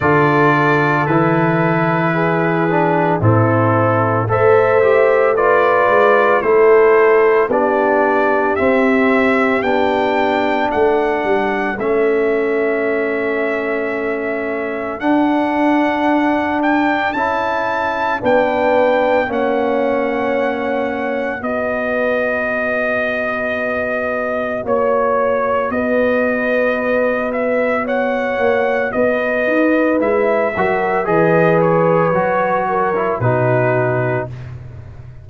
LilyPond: <<
  \new Staff \with { instrumentName = "trumpet" } { \time 4/4 \tempo 4 = 56 d''4 b'2 a'4 | e''4 d''4 c''4 d''4 | e''4 g''4 fis''4 e''4~ | e''2 fis''4. g''8 |
a''4 g''4 fis''2 | dis''2. cis''4 | dis''4. e''8 fis''4 dis''4 | e''4 dis''8 cis''4. b'4 | }
  \new Staff \with { instrumentName = "horn" } { \time 4/4 a'2 gis'4 e'4 | c''4 b'4 a'4 g'4~ | g'2 a'2~ | a'1~ |
a'4 b'4 cis''2 | b'2. cis''4 | b'2 cis''4 b'4~ | b'8 ais'8 b'4. ais'8 fis'4 | }
  \new Staff \with { instrumentName = "trombone" } { \time 4/4 f'4 e'4. d'8 c'4 | a'8 g'8 f'4 e'4 d'4 | c'4 d'2 cis'4~ | cis'2 d'2 |
e'4 d'4 cis'2 | fis'1~ | fis'1 | e'8 fis'8 gis'4 fis'8. e'16 dis'4 | }
  \new Staff \with { instrumentName = "tuba" } { \time 4/4 d4 e2 a,4 | a4. gis8 a4 b4 | c'4 b4 a8 g8 a4~ | a2 d'2 |
cis'4 b4 ais2 | b2. ais4 | b2~ b8 ais8 b8 dis'8 | gis8 fis8 e4 fis4 b,4 | }
>>